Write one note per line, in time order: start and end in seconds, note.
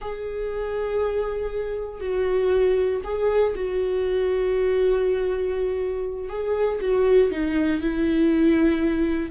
0.01 2.00 G#4
2.00 3.01 F#4
3.04 3.54 G#4
3.55 6.29 F#4
6.29 6.79 G#4
6.80 7.31 F#4
7.31 7.81 D#4
7.81 9.30 E4